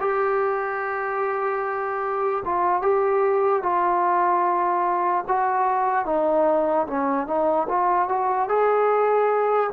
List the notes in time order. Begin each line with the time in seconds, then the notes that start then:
0.00 G4
2.45 F4
2.82 G4
3.62 F4
5.28 F#4
6.05 D#4
6.87 C#4
7.27 D#4
7.68 F4
8.09 F#4
8.48 G#4